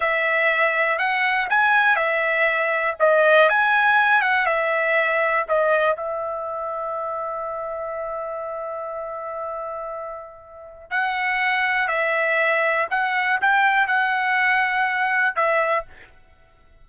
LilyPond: \new Staff \with { instrumentName = "trumpet" } { \time 4/4 \tempo 4 = 121 e''2 fis''4 gis''4 | e''2 dis''4 gis''4~ | gis''8 fis''8 e''2 dis''4 | e''1~ |
e''1~ | e''2 fis''2 | e''2 fis''4 g''4 | fis''2. e''4 | }